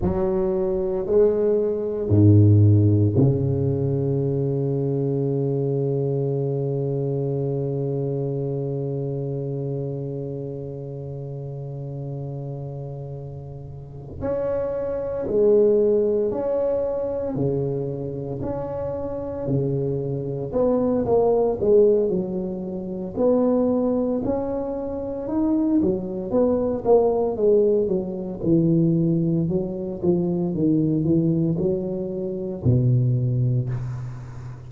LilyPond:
\new Staff \with { instrumentName = "tuba" } { \time 4/4 \tempo 4 = 57 fis4 gis4 gis,4 cis4~ | cis1~ | cis1~ | cis4. cis'4 gis4 cis'8~ |
cis'8 cis4 cis'4 cis4 b8 | ais8 gis8 fis4 b4 cis'4 | dis'8 fis8 b8 ais8 gis8 fis8 e4 | fis8 f8 dis8 e8 fis4 b,4 | }